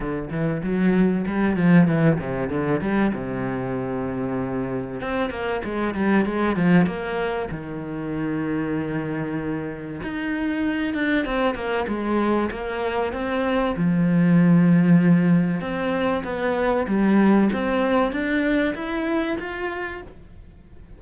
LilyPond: \new Staff \with { instrumentName = "cello" } { \time 4/4 \tempo 4 = 96 d8 e8 fis4 g8 f8 e8 c8 | d8 g8 c2. | c'8 ais8 gis8 g8 gis8 f8 ais4 | dis1 |
dis'4. d'8 c'8 ais8 gis4 | ais4 c'4 f2~ | f4 c'4 b4 g4 | c'4 d'4 e'4 f'4 | }